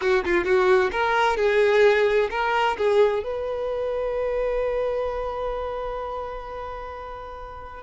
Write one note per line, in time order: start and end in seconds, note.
0.01 0.24 F#4
0.24 0.44 F4
0.44 0.90 F#4
0.91 1.36 A#4
1.36 2.28 G#4
2.30 2.76 A#4
2.77 3.23 G#4
3.23 7.83 B4